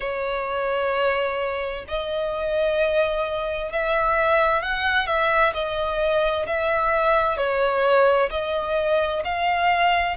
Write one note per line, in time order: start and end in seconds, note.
0.00 1.85 C#5
1.88 3.72 D#5
3.72 4.62 E5
4.62 5.06 F#5
5.06 5.53 E5
5.53 6.46 D#5
6.47 7.37 E5
7.37 8.29 C#5
8.30 9.23 D#5
9.24 10.16 F5